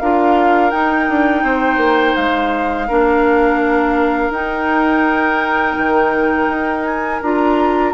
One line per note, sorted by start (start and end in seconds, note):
0.00 0.73 D4
0.00 0.72 F4
0.00 1.44 A#4
0.00 0.71 F5
0.71 2.89 D#4
0.71 1.09 D#4
0.71 2.16 G5
1.09 1.44 D4
1.44 1.78 C4
1.44 2.88 C5
1.78 2.14 A#3
2.16 2.90 G#3
2.16 4.33 F5
2.88 4.30 A#3
2.88 4.34 D4
2.88 7.94 A#4
4.30 5.75 D#4
4.30 7.23 D#4
4.30 6.84 G5
5.77 6.49 D#3
6.49 7.21 D#4
6.84 7.21 G#5
7.22 7.94 D4
7.22 7.94 F4
7.22 7.94 A#5